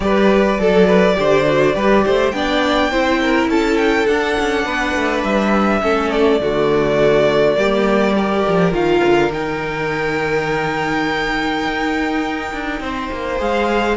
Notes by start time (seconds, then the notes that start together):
0.00 G3 G4 B4 D5
0.58 F#3 A4
0.87 B4
1.15 D3 G4 C5
1.46 F#4
1.73 G3 G4 B4
2.05 A3 C5
2.31 B3 D4 D5 G5
2.91 C4 E4 C5
3.21 A#4
3.47 C#4 A4 A5
3.77 G5
4.06 D4 F#5
4.39 C#4
4.64 B3 B4
4.95 A3
5.23 G3 E5
5.81 A3 C#4 A4
6.11 D5
6.40 D3 A3 F#4
7.56 G3 A#3 G4
8.15 G4 A#4
8.48 F3
8.72 D#3 F4 F5
9.04 D3
9.30 D#3 D#4 G5
11.64 D#4
12.53 D4
12.80 C4 C5
13.11 A#3
13.38 G#3 G#4 F5